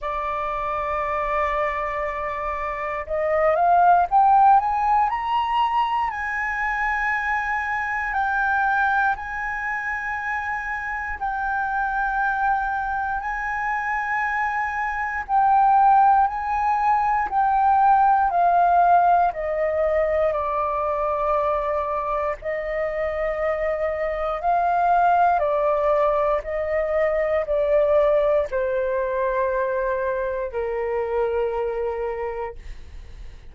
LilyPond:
\new Staff \with { instrumentName = "flute" } { \time 4/4 \tempo 4 = 59 d''2. dis''8 f''8 | g''8 gis''8 ais''4 gis''2 | g''4 gis''2 g''4~ | g''4 gis''2 g''4 |
gis''4 g''4 f''4 dis''4 | d''2 dis''2 | f''4 d''4 dis''4 d''4 | c''2 ais'2 | }